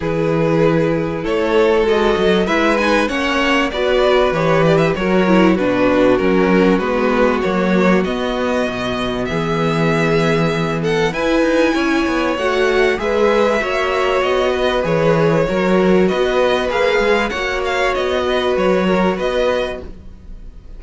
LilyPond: <<
  \new Staff \with { instrumentName = "violin" } { \time 4/4 \tempo 4 = 97 b'2 cis''4 dis''4 | e''8 gis''8 fis''4 d''4 cis''8 d''16 e''16 | cis''4 b'4 ais'4 b'4 | cis''4 dis''2 e''4~ |
e''4. fis''8 gis''2 | fis''4 e''2 dis''4 | cis''2 dis''4 f''4 | fis''8 f''8 dis''4 cis''4 dis''4 | }
  \new Staff \with { instrumentName = "violin" } { \time 4/4 gis'2 a'2 | b'4 cis''4 b'2 | ais'4 fis'2.~ | fis'2. gis'4~ |
gis'4. a'8 b'4 cis''4~ | cis''4 b'4 cis''4. b'8~ | b'4 ais'4 b'2 | cis''4. b'4 ais'8 b'4 | }
  \new Staff \with { instrumentName = "viola" } { \time 4/4 e'2. fis'4 | e'8 dis'8 cis'4 fis'4 g'4 | fis'8 e'8 d'4 cis'4 b4 | ais4 b2.~ |
b2 e'2 | fis'4 gis'4 fis'2 | gis'4 fis'2 gis'4 | fis'1 | }
  \new Staff \with { instrumentName = "cello" } { \time 4/4 e2 a4 gis8 fis8 | gis4 ais4 b4 e4 | fis4 b,4 fis4 gis4 | fis4 b4 b,4 e4~ |
e2 e'8 dis'8 cis'8 b8 | a4 gis4 ais4 b4 | e4 fis4 b4 ais8 gis8 | ais4 b4 fis4 b4 | }
>>